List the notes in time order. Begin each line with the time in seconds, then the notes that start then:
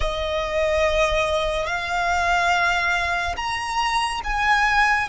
0.00 D#5
1.66 F5
3.36 A#5
4.24 G#5